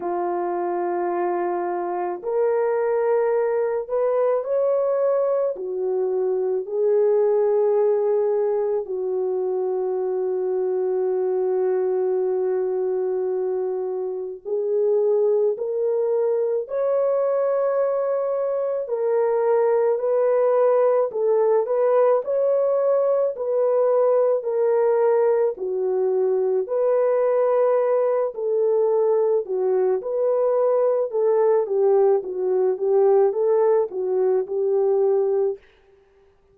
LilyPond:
\new Staff \with { instrumentName = "horn" } { \time 4/4 \tempo 4 = 54 f'2 ais'4. b'8 | cis''4 fis'4 gis'2 | fis'1~ | fis'4 gis'4 ais'4 cis''4~ |
cis''4 ais'4 b'4 a'8 b'8 | cis''4 b'4 ais'4 fis'4 | b'4. a'4 fis'8 b'4 | a'8 g'8 fis'8 g'8 a'8 fis'8 g'4 | }